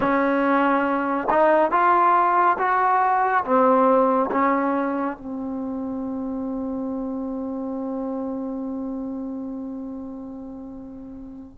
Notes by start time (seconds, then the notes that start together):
0.00 C#4
1.30 D#4
1.71 F4
2.58 F#4
3.44 C4
4.31 C#4
5.17 C4